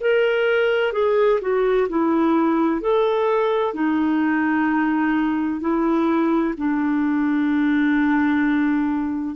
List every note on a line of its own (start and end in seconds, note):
0.00 0.92 A#4
0.92 1.39 G#4
1.41 1.87 F#4
1.89 2.80 E4
2.80 3.74 A4
3.74 5.60 D#4
5.60 6.54 E4
6.57 9.35 D4